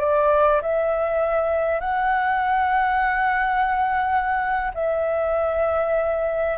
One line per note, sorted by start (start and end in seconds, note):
0.00 0.61 D5
0.62 1.81 E5
1.81 4.71 F#5
4.74 6.58 E5